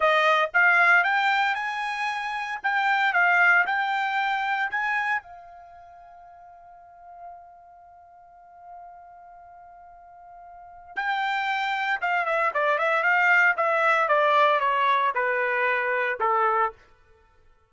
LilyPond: \new Staff \with { instrumentName = "trumpet" } { \time 4/4 \tempo 4 = 115 dis''4 f''4 g''4 gis''4~ | gis''4 g''4 f''4 g''4~ | g''4 gis''4 f''2~ | f''1~ |
f''1~ | f''4 g''2 f''8 e''8 | d''8 e''8 f''4 e''4 d''4 | cis''4 b'2 a'4 | }